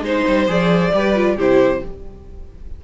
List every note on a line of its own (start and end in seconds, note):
0.00 0.22 G#3
0.00 0.47 D#4
0.00 0.92 C5
0.06 0.50 C5
0.27 0.48 G3
0.47 0.92 F3
0.47 0.91 G#4
0.47 1.39 D5
0.92 1.37 G3
0.92 1.15 G4
0.92 1.36 B4
1.15 1.37 F4
1.36 1.81 C3
1.36 1.83 E4
1.36 1.81 G4
1.36 1.84 C5